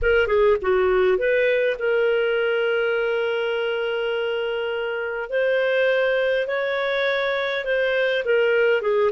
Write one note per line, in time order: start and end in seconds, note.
0.02 0.27 A#4
0.27 0.56 G#4
0.61 1.18 F#4
1.18 1.76 B4
1.78 5.29 A#4
5.29 6.47 C5
6.47 7.64 C#5
7.64 8.23 C5
8.25 8.81 A#4
8.81 9.10 G#4